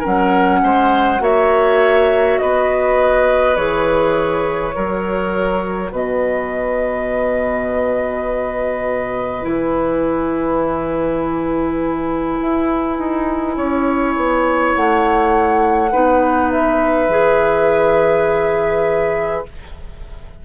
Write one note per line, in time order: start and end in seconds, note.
0.00 1.20 C#4
0.00 0.59 A#4
0.00 1.23 F#5
0.06 0.63 F#3
0.63 1.20 G#3
0.63 1.22 C5
1.20 2.38 A#3
1.20 3.55 F#4
1.20 2.41 C#5
1.20 2.38 E5
2.38 3.57 B3
2.38 4.75 B4
2.38 3.56 D#5
3.56 4.75 E3
3.56 4.72 G#4
3.56 5.91 C#5
4.72 5.92 F#3
4.72 9.42 F#4
4.72 5.92 A#4
5.92 9.45 B2
5.92 13.56 B4
5.92 9.45 D#5
9.42 12.39 E3
9.42 15.89 E4
9.42 14.75 G#5
12.41 12.98 E4
12.98 13.57 D#4
13.57 14.16 C#4
13.57 15.92 C#5
14.16 14.75 B3
14.75 15.94 A3
14.75 16.51 F#5
15.92 17.08 B3
15.92 17.10 D#4
15.92 19.45 B4
16.51 19.45 E5
17.08 19.43 E3
17.08 19.46 G#4